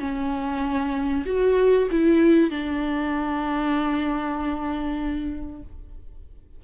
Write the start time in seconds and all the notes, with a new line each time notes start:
0.00 C#4
1.26 F#4
1.91 E4
2.51 D4